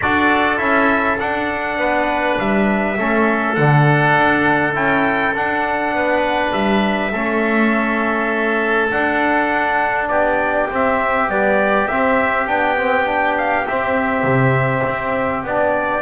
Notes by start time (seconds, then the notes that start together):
0.01 D4 F#4 A4 D5
0.58 C#4 E4 E5
1.19 D4 F#5
1.76 B3 B4
2.38 G3 E5
2.98 A3 C#4 A4
3.55 D3 D4 F#5
4.16 D4
4.73 C#4 E4 G5
5.33 D4 F#5
5.93 B3 B4
6.52 G3 E5
7.11 A3 C#4 A4
8.90 D4 F#5
10.07 B3 G4 D5
10.70 C4 E5
11.28 G3 B3 D5
11.87 C4 E5
12.46 B3 D4 G5
12.76 C4
13.05 D4
13.37 F5
13.67 C4 E5
14.23 C3
14.86 C4
15.43 B3 D4 D5